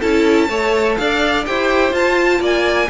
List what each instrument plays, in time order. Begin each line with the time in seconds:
0.00 cello C#4, viola E4, violin A4 A5
0.49 cello A3, viola A4, violin C#5
0.97 cello D4, violin D5 F5
1.46 cello E4, viola G4, violin C5 G5
1.91 viola F4, cello F4, violin A5
2.40 cello A#3, violin D5 G#5